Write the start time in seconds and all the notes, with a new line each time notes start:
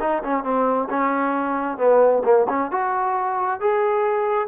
0.00 D#4
0.24 C#4
0.43 C4
0.89 C#4
1.78 B3
2.24 A#3
2.49 C#4
2.71 F#4
3.60 G#4